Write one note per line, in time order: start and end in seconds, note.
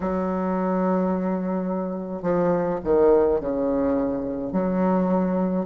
0.00 2.22 F#3
2.22 2.79 F3
2.84 3.40 D#3
3.40 4.52 C#3
4.52 5.65 F#3